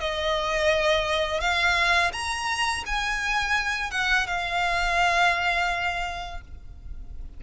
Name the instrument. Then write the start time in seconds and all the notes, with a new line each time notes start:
violin
0.00 D#5
1.40 F5
2.13 A#5
2.86 G#5
3.91 F#5
4.27 F5